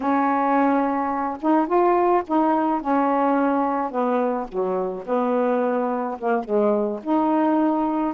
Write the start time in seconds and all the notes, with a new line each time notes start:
0.00 C#4
1.41 D#4
1.66 F4
2.27 D#4
2.81 C#4
3.91 B3
4.48 F#3
5.06 B3
6.18 A#3
6.44 G#3
7.03 D#4